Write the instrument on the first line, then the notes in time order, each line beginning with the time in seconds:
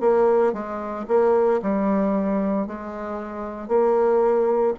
bassoon
0.00 A#3
0.53 G#3
1.08 A#3
1.62 G3
2.67 G#3
3.68 A#3